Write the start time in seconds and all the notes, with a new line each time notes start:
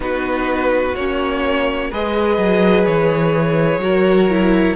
0.00 B3 D#4 F#4 B4
0.95 A#3 C#4 C#5
1.90 G#3 G#4 B4 D#5
2.37 F#3
2.85 E3 C#5
3.77 F#3 F#4 A#4
4.29 E4